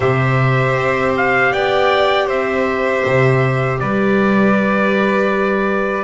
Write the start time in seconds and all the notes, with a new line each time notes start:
0.00 C3 G4 C5 E5
0.76 C4
1.16 F5
1.51 B3 D5 G5
2.26 C4 C5 E5
3.05 C3
3.79 G3 B4 D5